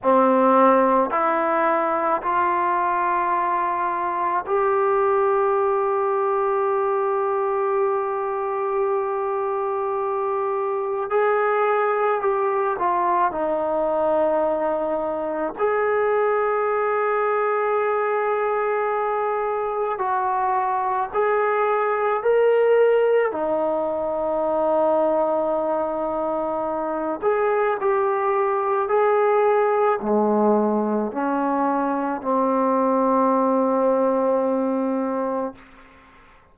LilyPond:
\new Staff \with { instrumentName = "trombone" } { \time 4/4 \tempo 4 = 54 c'4 e'4 f'2 | g'1~ | g'2 gis'4 g'8 f'8 | dis'2 gis'2~ |
gis'2 fis'4 gis'4 | ais'4 dis'2.~ | dis'8 gis'8 g'4 gis'4 gis4 | cis'4 c'2. | }